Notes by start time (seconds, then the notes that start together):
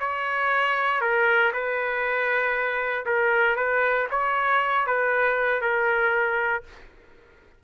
0.00 C#5
1.01 A#4
1.53 B4
3.06 A#4
3.57 B4
4.11 C#5
4.87 B4
5.62 A#4